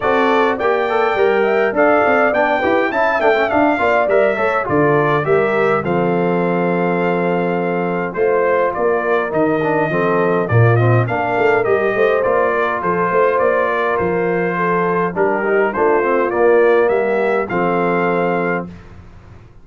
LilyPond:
<<
  \new Staff \with { instrumentName = "trumpet" } { \time 4/4 \tempo 4 = 103 d''4 g''2 f''4 | g''4 a''8 g''8 f''4 e''4 | d''4 e''4 f''2~ | f''2 c''4 d''4 |
dis''2 d''8 dis''8 f''4 | dis''4 d''4 c''4 d''4 | c''2 ais'4 c''4 | d''4 e''4 f''2 | }
  \new Staff \with { instrumentName = "horn" } { \time 4/4 a'4 d''4. e''8 d''4~ | d''8 b'8 e''4. d''4 cis''8 | a'4 ais'4 a'2~ | a'2 c''4 ais'4~ |
ais'4 a'4 f'4 ais'4~ | ais'8 c''4 ais'8 a'8 c''4 ais'8~ | ais'4 a'4 g'4 f'4~ | f'4 g'4 a'2 | }
  \new Staff \with { instrumentName = "trombone" } { \time 4/4 fis'4 g'8 a'8 ais'4 a'4 | d'8 g'8 e'8 d'16 cis'16 d'8 f'8 ais'8 a'8 | f'4 g'4 c'2~ | c'2 f'2 |
dis'8 d'8 c'4 ais8 c'8 d'4 | g'4 f'2.~ | f'2 d'8 dis'8 d'8 c'8 | ais2 c'2 | }
  \new Staff \with { instrumentName = "tuba" } { \time 4/4 c'4 ais4 g4 d'8 c'8 | b8 e'8 cis'8 a8 d'8 ais8 g8 a8 | d4 g4 f2~ | f2 a4 ais4 |
dis4 f4 ais,4 ais8 a8 | g8 a8 ais4 f8 a8 ais4 | f2 g4 a4 | ais4 g4 f2 | }
>>